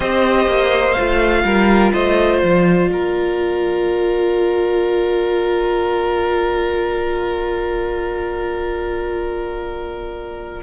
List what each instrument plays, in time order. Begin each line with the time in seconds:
0.00 cello C4, viola G4, violin C5 D#5
0.47 cello A#3
0.93 viola F4, violin F5
0.99 cello A3
1.44 cello G3, violin A#4
1.93 cello A3, violin C5 D#5
2.39 cello F3, violin D5
2.88 cello A#3, violin A#4